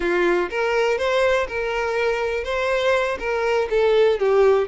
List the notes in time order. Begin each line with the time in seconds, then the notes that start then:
0.00 F4
0.50 A#4
0.98 C5
1.48 A#4
2.44 C5
3.19 A#4
3.70 A4
4.19 G4